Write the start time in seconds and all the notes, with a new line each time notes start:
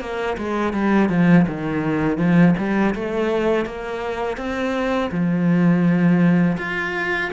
0.00 A#3
0.37 G#3
0.73 G3
1.09 F3
1.47 D#3
2.17 F3
2.57 G3
2.94 A3
3.65 A#3
4.37 C4
5.11 F3
6.57 F4